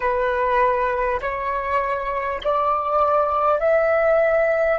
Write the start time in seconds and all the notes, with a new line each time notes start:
0.00 B4
1.21 C#5
2.43 D5
3.59 E5